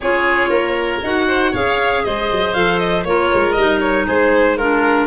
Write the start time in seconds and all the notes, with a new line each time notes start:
0.00 C#4 F4 G#4 C#5
0.49 A#3 A#4
1.02 D#4 F#4 F#5
1.27 C5
1.51 C#4 G#4 C#5 F5
2.04 G#3 C5 D#5
2.31 F#3
2.53 F3 A4 F5
2.78 D#5
3.03 A#3 F4 A#4 C#5
3.33 G#3
3.52 G3 D#5
3.58 D#4
3.80 C#5
4.06 G#3 G#4 C5
4.57 D4 F4 A#4